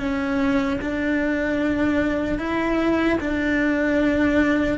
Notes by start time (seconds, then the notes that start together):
0.00 C#4
0.81 D4
2.39 E4
3.21 D4